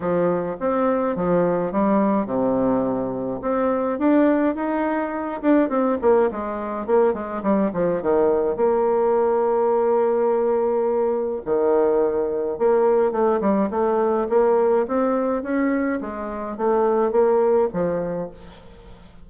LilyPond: \new Staff \with { instrumentName = "bassoon" } { \time 4/4 \tempo 4 = 105 f4 c'4 f4 g4 | c2 c'4 d'4 | dis'4. d'8 c'8 ais8 gis4 | ais8 gis8 g8 f8 dis4 ais4~ |
ais1 | dis2 ais4 a8 g8 | a4 ais4 c'4 cis'4 | gis4 a4 ais4 f4 | }